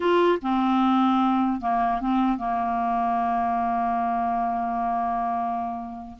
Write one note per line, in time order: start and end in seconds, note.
0.00 0.39 F4
0.42 1.61 C4
1.61 2.01 A#3
2.01 2.37 C4
2.37 6.17 A#3